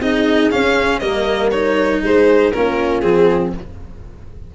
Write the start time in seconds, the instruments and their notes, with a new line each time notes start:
0.00 tuba C4, cello D#4, horn G#4, violin D#5
0.51 cello C#4, tuba C#4, violin F5
0.99 tuba G3, cello A#3, horn A#4, violin D#5
1.51 cello D#4, violin C#5
2.03 tuba G#3, horn G#4, violin C5
2.52 tuba A#3, cello C#4, horn F4, violin A#4
3.01 tuba F3, cello C4, violin G#4